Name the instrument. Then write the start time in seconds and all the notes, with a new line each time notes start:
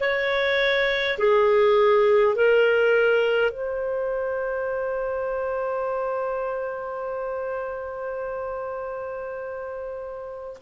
clarinet
0.00 C#5
1.18 G#4
2.35 A#4
3.51 C5